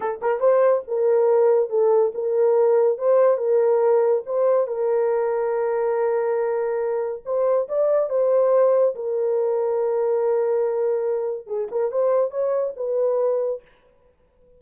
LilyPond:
\new Staff \with { instrumentName = "horn" } { \time 4/4 \tempo 4 = 141 a'8 ais'8 c''4 ais'2 | a'4 ais'2 c''4 | ais'2 c''4 ais'4~ | ais'1~ |
ais'4 c''4 d''4 c''4~ | c''4 ais'2.~ | ais'2. gis'8 ais'8 | c''4 cis''4 b'2 | }